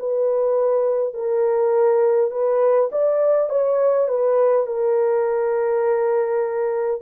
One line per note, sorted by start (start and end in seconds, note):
0.00 1.14 B4
1.14 2.32 A#4
2.32 2.90 B4
2.92 3.50 D5
3.50 4.09 C#5
4.09 4.67 B4
4.67 7.02 A#4